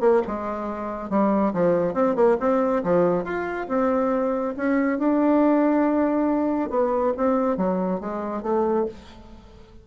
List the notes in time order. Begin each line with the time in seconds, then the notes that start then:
0.00 A#3
0.27 G#3
1.09 G3
1.53 F3
1.94 C4
2.15 A#3
2.39 C4
2.83 F3
3.24 F4
3.68 C4
4.56 C#4
4.98 D4
6.70 B3
7.17 C4
7.57 F#3
8.00 G#3
8.42 A3